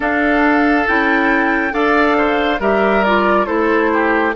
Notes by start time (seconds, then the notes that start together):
0.00 D4 A4 F5
0.87 C#4 E4 G5
1.71 D4 A4 D5 F5
2.17 C5
2.59 G3 G4 A#4 E5
3.03 F4 D5
3.45 A3 E4 A4 C5
3.93 G4